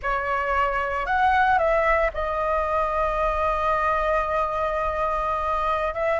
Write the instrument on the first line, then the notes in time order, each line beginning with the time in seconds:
flute
0.02 C#5
1.06 F#5
1.58 E5
2.13 D#5
5.94 E5